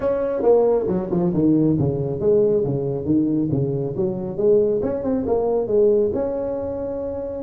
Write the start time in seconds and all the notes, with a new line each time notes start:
0.00 C#4
0.42 A#3
0.87 F#3
1.10 F3
1.33 D#3
1.79 C#3
2.20 G#3
2.64 C#3
3.05 D#3
3.51 C#3
3.96 F#3
4.37 G#3
4.82 C#4
5.03 C4
5.26 A#3
5.67 G#3
6.13 C#4